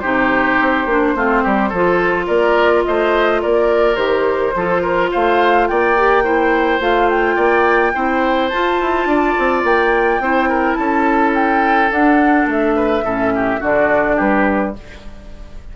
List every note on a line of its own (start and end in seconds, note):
0.00 0.60 C3
0.00 0.88 D#4
0.00 1.14 G4
0.00 2.26 C5
0.60 0.86 C4
0.86 1.14 A#3
0.86 1.16 D4
1.15 1.44 A3
1.15 1.72 C4
1.15 1.43 F4
1.43 1.72 G3
1.43 1.69 G4
1.69 2.28 F3
1.69 2.26 A4
1.75 3.96 F4
2.27 2.85 A#3
2.27 2.83 A#4
2.27 2.83 D5
2.84 3.44 A3
2.84 3.41 C5
2.84 3.41 D#5
3.41 3.96 A#3
3.41 4.55 A#4
3.41 3.96 D5
3.96 4.53 D#3
3.96 4.53 G4
3.96 5.09 C5
4.55 5.12 F3
4.55 5.97 F4
4.55 4.82 A4
4.82 5.10 A#4
5.11 5.70 A3
5.11 5.68 C5
5.11 5.67 F5
5.67 6.80 A#3
5.67 6.24 D5
5.67 6.81 G5
5.97 6.24 G4
6.24 6.80 E4
6.24 7.35 C5
6.80 7.36 A3
6.80 7.93 F4
6.80 7.09 F5
7.09 8.49 G5
7.35 7.94 A#3
7.35 7.92 D5
7.94 8.52 C4
7.94 8.50 E4
7.94 9.07 C5
8.49 10.22 F4
8.49 8.81 F4
8.49 9.62 A5
8.81 9.06 E4
9.06 9.34 D4
9.06 10.22 D5
9.38 9.63 C4
9.63 10.19 A#3
9.63 10.74 G5
10.19 10.76 C4
10.19 11.90 E4
10.19 10.49 C5
10.49 10.77 A#4
10.74 11.91 C#4
10.74 12.76 A4
10.74 11.31 A5
11.34 11.91 G5
11.90 13.04 D4
11.90 12.46 D4
11.90 12.48 F#5
12.46 13.02 A3
12.46 13.64 E5
12.76 13.04 B4
13.02 13.59 A2
13.02 13.60 C#4
13.02 13.33 A4
13.35 13.60 G4
13.60 14.19 D3
13.60 14.74 D4
13.60 14.16 F#4
13.60 14.19 D5
14.16 14.76 G3
14.16 14.73 G4
14.16 14.76 B4